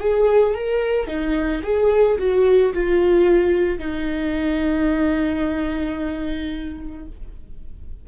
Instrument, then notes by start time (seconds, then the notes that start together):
viola
0.00 G#4
0.55 A#4
1.08 D#4
1.63 G#4
2.19 F#4
2.74 F4
3.79 D#4